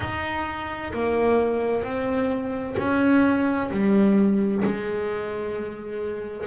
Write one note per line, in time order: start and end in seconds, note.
0.00 0.92 D#4
0.93 1.83 A#3
1.83 2.75 C4
2.78 3.70 C#4
3.70 4.63 G3
4.64 6.47 G#3